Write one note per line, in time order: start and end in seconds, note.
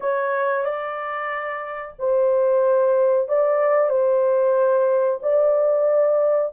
0.00 0.65 C#5
0.65 1.95 D5
1.99 3.28 C5
3.28 3.89 D5
3.89 5.20 C5
5.22 6.52 D5